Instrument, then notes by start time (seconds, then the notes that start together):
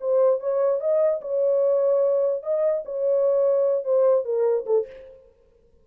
horn
0.00 C5
0.40 C#5
0.80 D#5
1.21 C#5
2.43 D#5
2.85 C#5
3.84 C5
4.24 A#4
4.66 A4